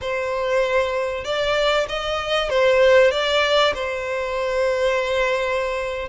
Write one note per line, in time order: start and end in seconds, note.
0.01 1.24 C5
1.24 1.86 D5
1.88 2.49 D#5
2.49 3.11 C5
3.11 3.73 D5
3.74 6.08 C5